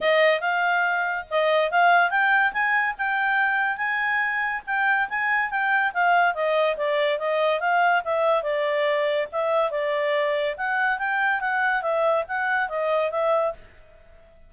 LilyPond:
\new Staff \with { instrumentName = "clarinet" } { \time 4/4 \tempo 4 = 142 dis''4 f''2 dis''4 | f''4 g''4 gis''4 g''4~ | g''4 gis''2 g''4 | gis''4 g''4 f''4 dis''4 |
d''4 dis''4 f''4 e''4 | d''2 e''4 d''4~ | d''4 fis''4 g''4 fis''4 | e''4 fis''4 dis''4 e''4 | }